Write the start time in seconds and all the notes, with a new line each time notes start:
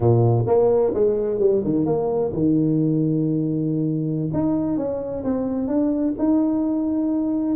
0.00 A#2
0.46 A#3
0.93 G#3
1.39 G3
1.63 D#3
1.85 A#3
2.33 D#3
4.33 D#4
4.77 C#4
5.24 C4
5.67 D4
6.18 D#4